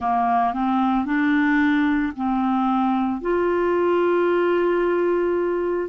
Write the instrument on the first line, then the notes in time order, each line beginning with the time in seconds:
clarinet
0.00 A#3
0.53 C4
1.05 D4
2.15 C4
3.21 F4